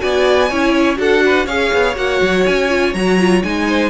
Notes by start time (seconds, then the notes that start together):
0.00 B3 F#4 D5 G#5
0.49 C#4 E4 C#5
0.97 D4 F#4 A4 F#5
1.26 B4
1.46 C#4 G#4 C#5 F5
1.74 B3
1.96 A#3 F#4 F#5
2.22 F#3
2.46 C#4 G#5
2.69 F4
2.94 F#3 F#4 A#5
3.20 F4
3.44 G#3 D#4 G#5
3.68 C5